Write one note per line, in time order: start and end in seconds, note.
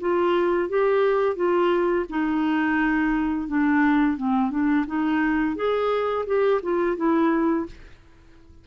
0.00 0.68 F4
0.68 1.35 G4
1.35 2.05 F4
2.09 3.47 D#4
3.47 4.17 D4
4.17 4.50 C4
4.50 4.85 D4
4.86 5.55 D#4
5.55 6.25 G#4
6.26 6.61 G4
6.62 6.96 F4
6.96 7.66 E4